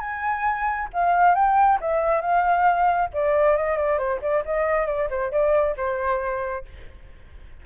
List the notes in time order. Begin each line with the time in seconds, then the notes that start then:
0.00 G#5
0.93 F5
1.35 G5
1.81 E5
2.21 F5
3.13 D5
3.57 D#5
3.77 D5
3.98 C5
4.21 D5
4.45 D#5
4.86 D5
5.10 C5
5.31 D5
5.77 C5